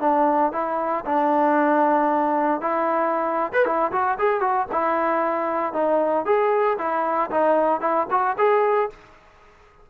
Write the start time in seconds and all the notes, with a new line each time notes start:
0.00 D4
0.52 E4
1.06 D4
2.61 E4
3.53 B4
3.65 E4
3.92 F#4
4.19 G#4
4.40 F#4
4.72 E4
5.73 D#4
6.25 G#4
6.78 E4
7.30 D#4
7.80 E4
8.10 F#4
8.38 G#4